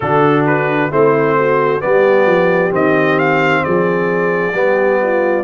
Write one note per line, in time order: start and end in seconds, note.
0.00 0.90 D3
0.00 0.91 D4
0.00 0.90 F#4
0.00 0.45 A4
0.46 0.91 B4
0.90 1.81 A3
0.90 1.80 C4
0.90 1.35 E4
0.90 1.81 C5
1.37 1.82 F#4
1.80 2.26 G3
1.80 2.70 B3
1.80 3.64 G4
1.80 2.72 D5
2.26 2.71 F3
2.70 3.62 D#3
2.70 4.52 C4
2.70 3.19 D#5
3.19 3.63 F5
3.63 4.53 F3
3.63 4.55 G#4
3.63 5.44 D5
4.53 5.44 G3
4.53 5.44 B3
4.53 5.01 G4
5.02 5.44 F4